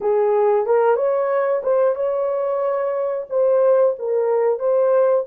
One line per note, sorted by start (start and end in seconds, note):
0.00 0.66 G#4
0.66 0.96 A#4
0.96 1.62 C#5
1.63 1.95 C5
1.95 3.27 C#5
3.29 3.95 C5
3.98 4.59 A#4
4.59 5.25 C5